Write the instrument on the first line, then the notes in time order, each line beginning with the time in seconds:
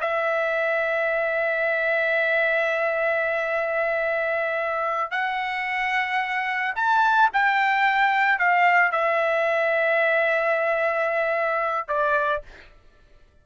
trumpet
0.00 E5
5.11 F#5
6.75 A5
7.33 G5
8.39 F5
8.91 E5
11.88 D5